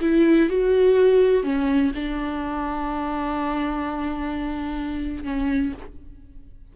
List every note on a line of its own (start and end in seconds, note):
0.00 0.49 E4
0.49 1.43 F#4
1.43 1.92 C#4
1.95 5.24 D4
5.24 5.72 C#4